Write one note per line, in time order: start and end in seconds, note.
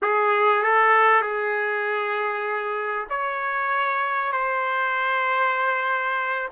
0.02 0.62 G#4
0.62 1.21 A4
1.21 3.07 G#4
3.09 4.32 C#5
4.32 6.48 C5